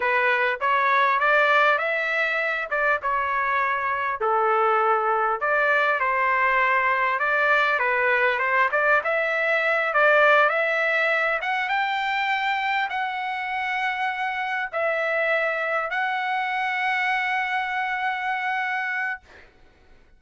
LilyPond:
\new Staff \with { instrumentName = "trumpet" } { \time 4/4 \tempo 4 = 100 b'4 cis''4 d''4 e''4~ | e''8 d''8 cis''2 a'4~ | a'4 d''4 c''2 | d''4 b'4 c''8 d''8 e''4~ |
e''8 d''4 e''4. fis''8 g''8~ | g''4. fis''2~ fis''8~ | fis''8 e''2 fis''4.~ | fis''1 | }